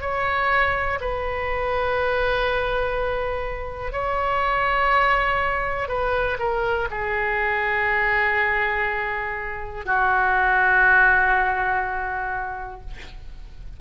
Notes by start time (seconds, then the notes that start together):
0.00 C#5
1.01 B4
3.92 C#5
5.88 B4
6.39 A#4
6.90 G#4
9.85 F#4